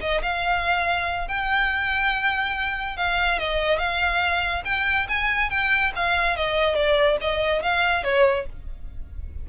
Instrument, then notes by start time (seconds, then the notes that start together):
violin
0.00 D#5
0.22 F5
1.28 G5
2.96 F5
3.39 D#5
3.78 F5
4.65 G5
5.08 G#5
5.49 G5
5.95 F5
6.36 D#5
6.75 D5
7.21 D#5
7.62 F5
8.03 C#5